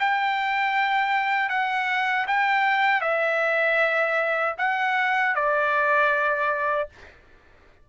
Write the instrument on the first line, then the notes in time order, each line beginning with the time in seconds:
trumpet
0.00 G5
1.50 F#5
2.28 G5
3.02 E5
4.59 F#5
5.36 D5